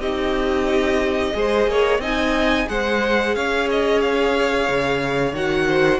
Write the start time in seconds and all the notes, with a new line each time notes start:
0.00 C4 D#4 G4 D#5
1.34 G#3 G#4 C5
1.67 A#3 C#5
1.99 C4 D#4 D#5 G#5
2.67 G#3 G#4 C5 F#5
3.36 C#4 C#5 F5
3.71 D#5
4.02 F5
4.69 C#3
5.33 D#3 F#4 F#5
5.68 C5